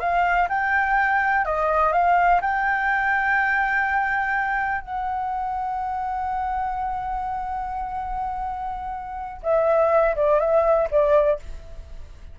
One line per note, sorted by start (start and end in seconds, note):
0.00 0.48 F5
0.49 1.45 G5
1.45 1.93 D#5
1.93 2.41 F5
2.41 4.82 G5
4.82 9.41 F#5
9.43 10.16 E5
10.16 10.40 D5
10.40 10.88 E5
10.91 11.40 D5